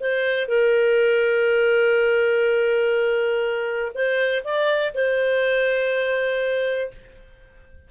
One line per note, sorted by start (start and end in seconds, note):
0.00 0.48 C5
0.48 3.92 A#4
3.94 4.43 C5
4.44 4.93 D5
4.94 6.91 C5